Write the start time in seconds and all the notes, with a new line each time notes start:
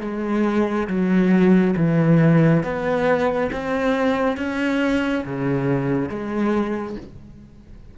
0.00 G#3
0.87 F#3
1.76 E3
2.63 B3
3.52 C4
4.37 C#4
5.25 C#3
6.09 G#3